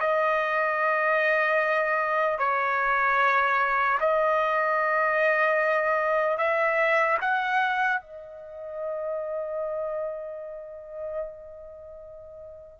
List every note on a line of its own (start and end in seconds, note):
0.00 2.39 D#5
2.39 3.99 C#5
4.00 6.37 D#5
6.37 7.17 E5
7.21 8.01 F#5
8.01 12.80 D#5